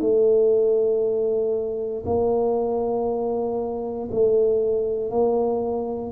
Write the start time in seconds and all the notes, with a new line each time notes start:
0.00 A3
2.05 A#3
4.11 A3
5.10 A#3